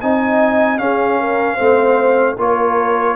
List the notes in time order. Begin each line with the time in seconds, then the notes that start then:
0.00 C4 D#4 D#5 G#5
0.78 C#4 G#4 F5
1.19 A#4
1.53 A3 C4 C5
2.37 A#3 F4 A#4 C#5